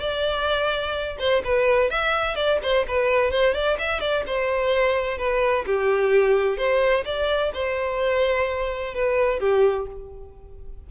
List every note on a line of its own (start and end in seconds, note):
0.00 1.17 D5
1.19 1.43 C5
1.44 1.90 B4
1.90 2.35 E5
2.35 2.59 D5
2.62 2.86 C5
2.88 3.31 B4
3.31 3.54 C5
3.54 3.78 D5
3.78 4.00 E5
4.00 4.24 D5
4.26 5.18 C5
5.18 5.65 B4
5.66 6.57 G4
6.57 7.04 C5
7.05 7.52 D5
7.54 8.94 C5
8.94 9.40 B4
9.40 9.87 G4